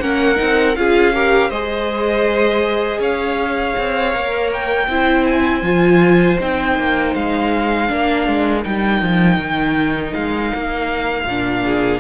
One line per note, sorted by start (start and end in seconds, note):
0.00 0.38 A#3
0.00 0.35 C#4
0.00 0.78 A#4
0.00 0.75 F#5
0.35 0.77 C4
0.35 0.73 D#4
0.75 1.50 C#4
0.75 1.14 F4
0.75 1.14 G#4
0.75 1.50 F5
1.14 1.51 G4
1.14 1.49 A#4
1.49 2.99 G#3
1.49 4.13 G#4
1.49 2.99 C5
1.49 3.00 D#5
2.99 3.74 C#4
2.99 4.87 C#5
2.99 4.52 F5
3.78 4.15 C4
4.13 4.87 A#3
4.13 4.88 A#4
4.53 5.25 G5
4.87 5.62 C4
4.87 5.63 E4
4.87 7.90 C5
5.25 6.38 G#5
5.62 6.37 F3
5.62 6.38 F4
6.40 6.78 C4
6.40 7.88 D#4
6.40 7.15 G5
6.78 7.15 A#3
7.15 7.90 G#3
7.15 8.64 F5
7.88 8.27 A#3
7.88 8.63 D4
7.88 11.63 A#4
8.27 8.65 G#3
8.63 9.02 G3
8.63 11.25 D#4
8.63 10.13 G5
9.02 9.37 F3
9.37 10.12 D#3
10.13 10.53 G#3
10.13 12.00 F5
10.54 11.24 A#3
11.24 11.99 A#2
11.24 12.00 D4
11.63 12.00 G#4